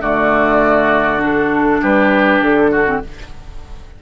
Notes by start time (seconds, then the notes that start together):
0.00 D3 A3 F#4 D5
1.18 D4 A4
1.81 G3 G4 B4
2.41 D3 A4
2.71 F#4
2.86 C4